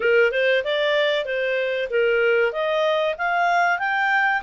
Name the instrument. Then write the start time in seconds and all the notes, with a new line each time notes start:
clarinet
0.00 A#4
0.31 C5
0.64 D5
1.25 C5
1.89 A#4
2.52 D#5
3.18 F5
3.78 G5